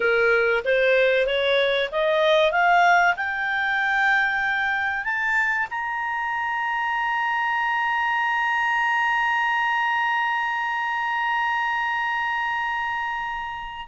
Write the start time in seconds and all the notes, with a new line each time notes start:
0.00 A#4
0.64 C5
1.26 C#5
1.91 D#5
2.51 F5
3.16 G5
5.04 A5
5.70 A#5